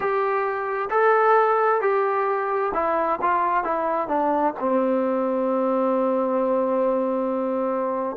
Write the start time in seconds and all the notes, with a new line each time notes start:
0.00 G4
0.90 A4
1.81 G4
2.74 E4
3.21 F4
3.64 E4
4.07 D4
4.59 C4